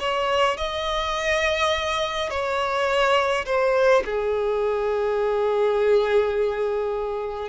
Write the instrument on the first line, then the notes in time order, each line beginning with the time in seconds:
violin
0.00 C#5
0.58 D#5
2.30 C#5
3.46 C5
4.05 G#4